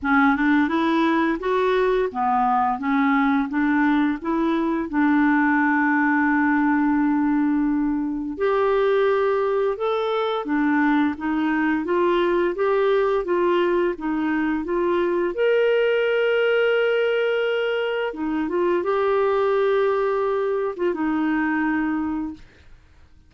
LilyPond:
\new Staff \with { instrumentName = "clarinet" } { \time 4/4 \tempo 4 = 86 cis'8 d'8 e'4 fis'4 b4 | cis'4 d'4 e'4 d'4~ | d'1 | g'2 a'4 d'4 |
dis'4 f'4 g'4 f'4 | dis'4 f'4 ais'2~ | ais'2 dis'8 f'8 g'4~ | g'4.~ g'16 f'16 dis'2 | }